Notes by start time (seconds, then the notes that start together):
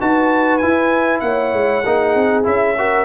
0.00 D#4 F#4 B4 A5
0.58 E4 G#5
1.20 A#3 C#5 F#5
1.53 G#3
1.85 A#3 D#4 G#4
2.15 C4
2.44 C#4 E4 E5
2.78 F#4 A#4